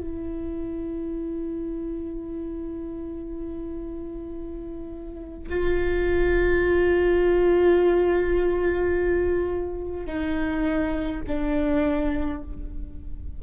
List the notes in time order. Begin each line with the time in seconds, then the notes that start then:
0.00 E4
5.50 F4
10.06 D#4
11.28 D4